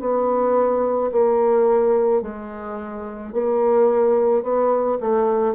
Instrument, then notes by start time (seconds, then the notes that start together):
bassoon
0.00 B3
1.12 A#3
2.22 G#3
3.33 A#3
4.43 B3
5.01 A3